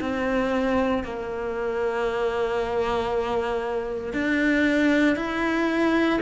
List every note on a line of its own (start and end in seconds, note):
0.00 1.03 C4
1.03 4.13 A#3
4.13 5.16 D4
5.16 6.20 E4